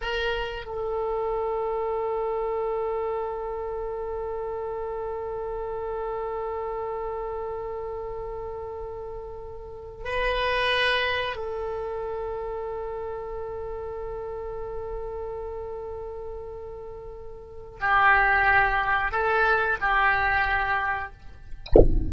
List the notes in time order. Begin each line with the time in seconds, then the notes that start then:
0.01 A#4
0.65 A4
10.04 B4
11.36 A4
17.80 G4
19.11 A4
19.80 G4